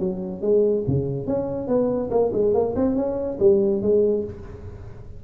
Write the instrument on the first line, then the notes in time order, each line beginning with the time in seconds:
tuba
0.00 F#3
0.42 G#3
0.87 C#3
1.27 C#4
1.68 B3
2.11 A#3
2.33 G#3
2.54 A#3
2.76 C4
2.96 C#4
3.40 G3
3.82 G#3